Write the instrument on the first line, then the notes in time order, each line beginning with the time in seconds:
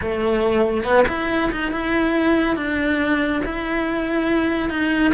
cello
0.01 A3
0.84 B3
1.07 E4
1.51 D#4
1.71 E4
2.56 D4
3.44 E4
4.69 D#4